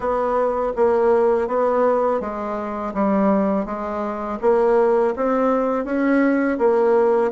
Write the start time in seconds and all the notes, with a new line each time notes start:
0.00 B3
0.76 A#3
1.47 B3
2.20 G#3
2.94 G3
3.65 G#3
4.41 A#3
5.16 C4
5.84 C#4
6.58 A#3